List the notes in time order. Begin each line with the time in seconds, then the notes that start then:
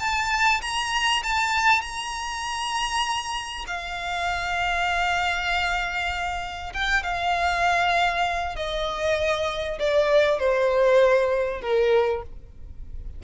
0.00 A5
0.62 A#5
1.23 A5
1.82 A#5
3.67 F5
6.74 G5
7.03 F5
8.56 D#5
9.79 D5
10.39 C5
11.62 A#4